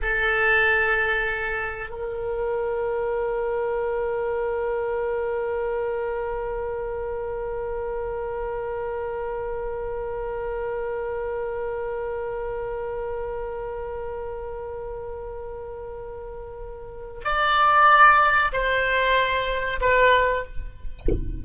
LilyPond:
\new Staff \with { instrumentName = "oboe" } { \time 4/4 \tempo 4 = 94 a'2. ais'4~ | ais'1~ | ais'1~ | ais'1~ |
ais'1~ | ais'1~ | ais'2. d''4~ | d''4 c''2 b'4 | }